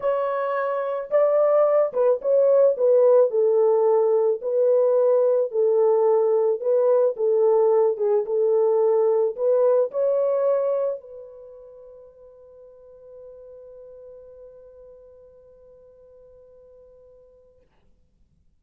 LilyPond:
\new Staff \with { instrumentName = "horn" } { \time 4/4 \tempo 4 = 109 cis''2 d''4. b'8 | cis''4 b'4 a'2 | b'2 a'2 | b'4 a'4. gis'8 a'4~ |
a'4 b'4 cis''2 | b'1~ | b'1~ | b'1 | }